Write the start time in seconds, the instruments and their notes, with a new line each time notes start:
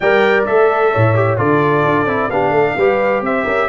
0.00 tuba G3, trombone A#4, horn D5, trumpet G5
0.46 tuba A3, trombone A4, trumpet E5
0.92 tuba A2, horn C#5
1.14 trombone G4
1.37 tuba D3, trombone F4, horn A4, trumpet D5
1.85 tuba D4
2.05 tuba C4, trombone E4
2.29 tuba B3, trombone D4, horn G4, trumpet F5
2.50 tuba A3, horn A4
2.77 tuba G3, trombone G4, horn B4
3.21 tuba C4, horn C5, trumpet E5
3.45 tuba C#4, horn A#4